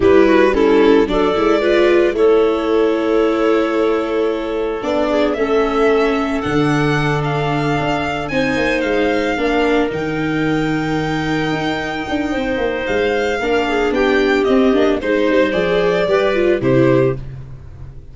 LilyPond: <<
  \new Staff \with { instrumentName = "violin" } { \time 4/4 \tempo 4 = 112 b'4 a'4 d''2 | cis''1~ | cis''4 d''4 e''2 | fis''4. f''2 gis''8~ |
gis''8 f''2 g''4.~ | g''1 | f''2 g''4 dis''4 | c''4 d''2 c''4 | }
  \new Staff \with { instrumentName = "clarinet" } { \time 4/4 g'8 fis'8 e'4 a'4 b'4 | a'1~ | a'4. gis'8 a'2~ | a'2.~ a'8 c''8~ |
c''4. ais'2~ ais'8~ | ais'2. c''4~ | c''4 ais'8 gis'8 g'2 | c''2 b'4 g'4 | }
  \new Staff \with { instrumentName = "viola" } { \time 4/4 e'4 cis'4 d'8 e'8 f'4 | e'1~ | e'4 d'4 cis'2 | d'2.~ d'8 dis'8~ |
dis'4. d'4 dis'4.~ | dis'1~ | dis'4 d'2 c'8 d'8 | dis'4 gis'4 g'8 f'8 e'4 | }
  \new Staff \with { instrumentName = "tuba" } { \time 4/4 g2 fis8 gis4. | a1~ | a4 b4 a2 | d2~ d8 d'4 c'8 |
ais8 gis4 ais4 dis4.~ | dis4. dis'4 d'8 c'8 ais8 | gis4 ais4 b4 c'8 ais8 | gis8 g8 f4 g4 c4 | }
>>